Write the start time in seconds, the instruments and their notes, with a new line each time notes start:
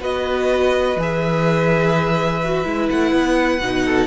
0.00 cello B3, viola F#4, violin B4 D#5
0.96 cello E3, viola G#4
1.02 violin E5
2.43 viola F#4
2.64 cello G#3, viola E4
2.90 cello A3, violin F#5
3.12 cello B3
3.60 cello B2, viola D#4
3.84 violin A4